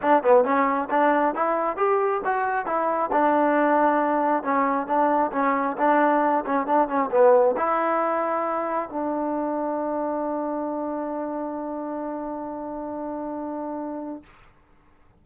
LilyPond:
\new Staff \with { instrumentName = "trombone" } { \time 4/4 \tempo 4 = 135 d'8 b8 cis'4 d'4 e'4 | g'4 fis'4 e'4 d'4~ | d'2 cis'4 d'4 | cis'4 d'4. cis'8 d'8 cis'8 |
b4 e'2. | d'1~ | d'1~ | d'1 | }